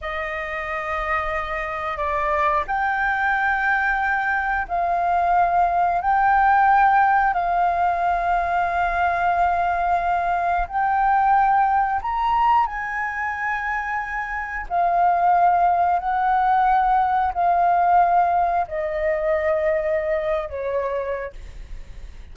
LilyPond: \new Staff \with { instrumentName = "flute" } { \time 4/4 \tempo 4 = 90 dis''2. d''4 | g''2. f''4~ | f''4 g''2 f''4~ | f''1 |
g''2 ais''4 gis''4~ | gis''2 f''2 | fis''2 f''2 | dis''2~ dis''8. cis''4~ cis''16 | }